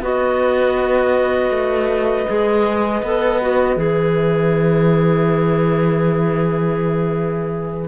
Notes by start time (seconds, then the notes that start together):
0.00 B3 F#4 B4 D#5
1.50 A3
2.26 G#3 G#4
3.02 B3 A4
3.41 F#4
3.76 E3 G#4 E5